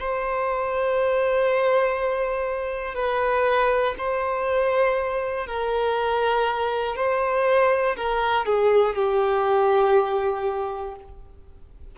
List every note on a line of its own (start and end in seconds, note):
0.00 2.95 C5
2.95 3.95 B4
3.99 5.47 C5
5.47 6.96 A#4
6.96 7.96 C5
7.97 8.46 A#4
8.46 8.96 G#4
8.96 10.96 G4